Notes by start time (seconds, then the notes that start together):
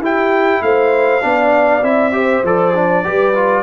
0.00 E4 G4 G5
0.62 A3 C5 F5
1.21 B3 D4 D5
1.82 C4 E4 E5
2.12 G4 C5
2.44 F3 A4 D5
2.74 D4
3.04 G3 G4 B4
3.34 F4